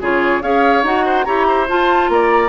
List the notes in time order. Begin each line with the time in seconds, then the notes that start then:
0.00 C#3 F4 G#4 C#5
0.42 C#4 G#4 C#5 F5
0.83 D#4 F#4 F#5
1.05 C5
1.24 E4 G4 C#5 A#5
1.47 C5
1.68 F4 A5
2.09 A#3 D5 A#5